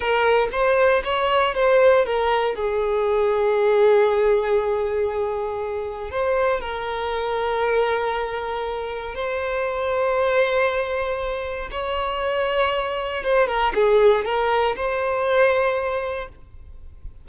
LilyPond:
\new Staff \with { instrumentName = "violin" } { \time 4/4 \tempo 4 = 118 ais'4 c''4 cis''4 c''4 | ais'4 gis'2.~ | gis'1 | c''4 ais'2.~ |
ais'2 c''2~ | c''2. cis''4~ | cis''2 c''8 ais'8 gis'4 | ais'4 c''2. | }